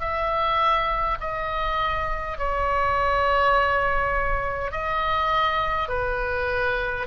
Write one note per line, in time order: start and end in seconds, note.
0.00 1.18 E5
1.20 2.37 D#5
2.37 4.71 C#5
4.71 5.88 D#5
5.88 7.06 B4